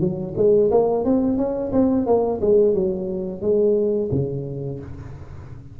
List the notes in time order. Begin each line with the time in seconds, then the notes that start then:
0.00 F#3
0.36 G#3
0.71 A#3
1.04 C4
1.38 C#4
1.72 C4
2.06 A#3
2.41 G#3
2.74 F#3
3.41 G#3
4.11 C#3